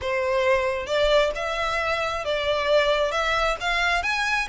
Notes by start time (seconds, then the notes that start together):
0.01 C5
0.86 D5
1.35 E5
2.24 D5
3.11 E5
3.60 F5
4.02 G#5